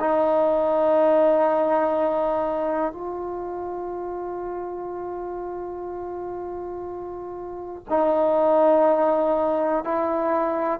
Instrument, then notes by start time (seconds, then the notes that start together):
trombone
0.00 D#4
2.92 F4
7.89 D#4
9.84 E4